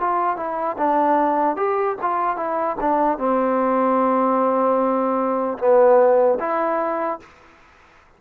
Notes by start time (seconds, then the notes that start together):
0.00 F4
0.36 E4
0.77 D4
1.56 G4
2.02 F4
2.36 E4
2.81 D4
3.18 C4
5.59 B3
6.40 E4